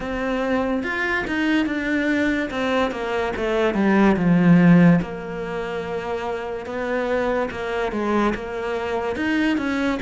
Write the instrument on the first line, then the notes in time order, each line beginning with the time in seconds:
cello
0.00 C4
0.83 F4
1.27 D#4
1.66 D4
2.50 C4
2.91 A#3
3.36 A3
3.74 G3
4.16 F3
5.01 A#3
6.66 B3
7.50 A#3
7.92 G#3
8.34 A#3
9.16 D#4
9.57 C#4